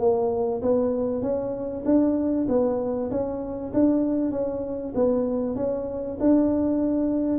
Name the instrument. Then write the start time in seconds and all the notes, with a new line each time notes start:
tuba
0.00 A#3
0.62 B3
1.22 C#4
1.86 D4
2.49 B3
3.11 C#4
3.74 D4
4.32 C#4
4.95 B3
5.56 C#4
6.20 D4